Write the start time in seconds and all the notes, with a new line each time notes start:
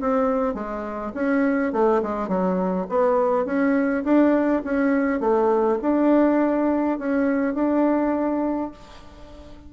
0.00 C4
0.54 G#3
1.14 C#4
1.73 A3
2.03 G#3
2.28 F#3
2.89 B3
3.46 C#4
4.04 D4
4.64 C#4
5.20 A3
5.82 D4
6.98 C#4
7.54 D4